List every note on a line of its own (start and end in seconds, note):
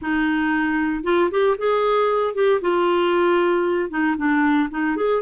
0.01 1.03 D#4
1.03 1.29 F4
1.30 1.57 G4
1.58 2.34 G#4
2.34 2.60 G4
2.61 3.90 F4
3.90 4.16 D#4
4.17 4.69 D4
4.70 4.96 D#4
4.96 5.22 G#4